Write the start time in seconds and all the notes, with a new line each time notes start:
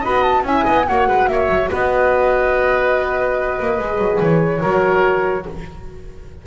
0.00 B3 F#4 D#5 B5
0.23 A5
0.43 C#4 E4 E5 G#5
0.64 B3 D#5
0.87 A#3 F#4 C#5 F#5
1.08 G#3 B4
1.28 A#3 C#5 E5
1.49 F#3
1.70 B3 B4 D#5
3.60 A#3
3.79 G#3 G#4
3.98 F#3
4.20 E3 C#5
4.61 F#3 F#4 A#4